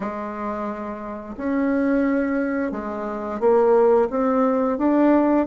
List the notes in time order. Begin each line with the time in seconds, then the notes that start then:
0.00 G#3
1.37 C#4
2.71 G#3
3.40 A#3
4.09 C4
4.78 D4